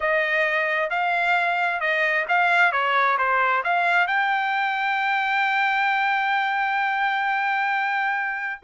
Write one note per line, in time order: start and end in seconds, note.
0.00 0.90 D#5
0.90 1.80 F5
1.80 2.25 D#5
2.28 2.72 F5
2.72 3.17 C#5
3.18 3.63 C5
3.63 4.07 F5
4.07 8.61 G5